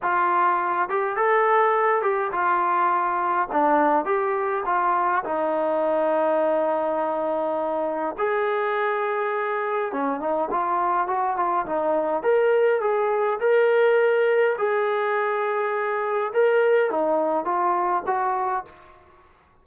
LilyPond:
\new Staff \with { instrumentName = "trombone" } { \time 4/4 \tempo 4 = 103 f'4. g'8 a'4. g'8 | f'2 d'4 g'4 | f'4 dis'2.~ | dis'2 gis'2~ |
gis'4 cis'8 dis'8 f'4 fis'8 f'8 | dis'4 ais'4 gis'4 ais'4~ | ais'4 gis'2. | ais'4 dis'4 f'4 fis'4 | }